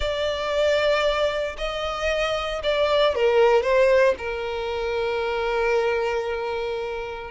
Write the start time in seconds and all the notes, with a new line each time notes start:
0.00 D5
1.57 D#5
2.63 D5
3.15 A#4
3.62 C5
4.18 A#4